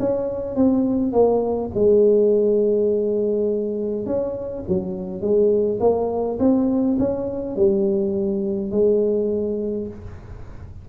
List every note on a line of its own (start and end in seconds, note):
0.00 0.56 C#4
0.56 1.13 C4
1.13 1.71 A#3
1.75 4.06 G#3
4.06 4.65 C#4
4.68 5.22 F#3
5.22 5.80 G#3
5.81 6.39 A#3
6.39 6.98 C4
6.99 7.56 C#4
7.56 8.71 G3
8.71 9.88 G#3